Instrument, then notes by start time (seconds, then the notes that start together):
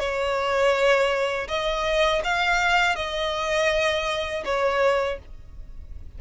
violin
0.00 C#5
1.48 D#5
2.25 F5
2.96 D#5
4.45 C#5